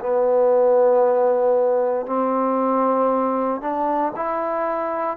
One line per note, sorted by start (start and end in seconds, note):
0.00 2.06 B3
2.06 3.61 C4
3.61 4.13 D4
4.16 5.17 E4